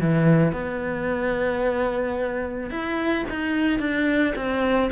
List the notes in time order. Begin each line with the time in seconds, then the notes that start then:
0.00 E3
0.53 B3
2.70 E4
3.30 D#4
3.80 D4
4.36 C4